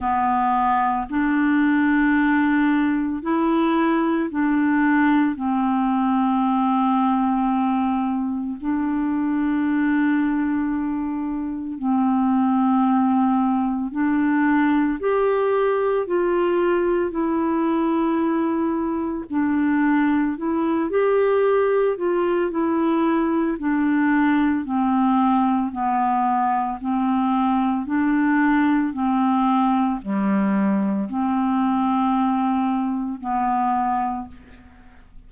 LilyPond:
\new Staff \with { instrumentName = "clarinet" } { \time 4/4 \tempo 4 = 56 b4 d'2 e'4 | d'4 c'2. | d'2. c'4~ | c'4 d'4 g'4 f'4 |
e'2 d'4 e'8 g'8~ | g'8 f'8 e'4 d'4 c'4 | b4 c'4 d'4 c'4 | g4 c'2 b4 | }